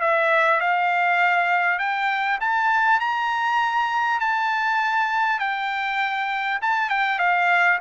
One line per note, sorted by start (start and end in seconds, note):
0.00 0.60 E5
0.60 1.78 F5
1.78 2.38 G5
2.40 2.99 A5
2.99 4.19 A#5
4.20 5.39 A5
5.39 6.59 G5
6.61 6.89 A5
6.89 7.18 G5
7.18 7.78 F5